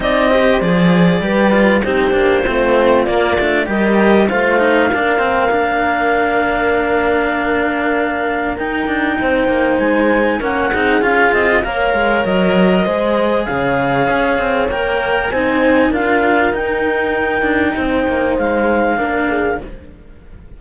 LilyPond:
<<
  \new Staff \with { instrumentName = "clarinet" } { \time 4/4 \tempo 4 = 98 dis''4 d''2 c''4~ | c''4 d''4 dis''4 f''4~ | f''1~ | f''2 g''2 |
gis''4 fis''4 f''8 dis''8 f''4 | dis''2 f''2 | g''4 gis''4 f''4 g''4~ | g''2 f''2 | }
  \new Staff \with { instrumentName = "horn" } { \time 4/4 d''8 c''4. b'4 g'4 | f'2 ais'4 c''4 | ais'1~ | ais'2. c''4~ |
c''4 ais'8 gis'4. cis''4~ | cis''4 c''4 cis''2~ | cis''4 c''4 ais'2~ | ais'4 c''2 ais'8 gis'8 | }
  \new Staff \with { instrumentName = "cello" } { \time 4/4 dis'8 g'8 gis'4 g'8 f'8 dis'8 d'8 | c'4 ais8 d'8 g'4 f'8 dis'8 | d'8 c'8 d'2.~ | d'2 dis'2~ |
dis'4 cis'8 dis'8 f'4 ais'4~ | ais'4 gis'2. | ais'4 dis'4 f'4 dis'4~ | dis'2. d'4 | }
  \new Staff \with { instrumentName = "cello" } { \time 4/4 c'4 f4 g4 c'8 ais8 | a4 ais8 a8 g4 a4 | ais1~ | ais2 dis'8 d'8 c'8 ais8 |
gis4 ais8 c'8 cis'8 c'8 ais8 gis8 | fis4 gis4 cis4 cis'8 c'8 | ais4 c'4 d'4 dis'4~ | dis'8 d'8 c'8 ais8 gis4 ais4 | }
>>